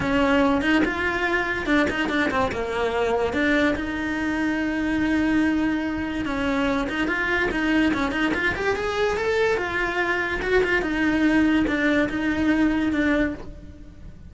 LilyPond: \new Staff \with { instrumentName = "cello" } { \time 4/4 \tempo 4 = 144 cis'4. dis'8 f'2 | d'8 dis'8 d'8 c'8 ais2 | d'4 dis'2.~ | dis'2. cis'4~ |
cis'8 dis'8 f'4 dis'4 cis'8 dis'8 | f'8 g'8 gis'4 a'4 f'4~ | f'4 fis'8 f'8 dis'2 | d'4 dis'2 d'4 | }